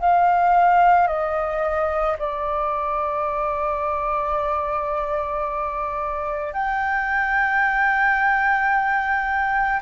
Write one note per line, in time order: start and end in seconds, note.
0.00 1.07 F5
1.07 2.16 D#5
2.19 6.54 D5
6.54 9.81 G5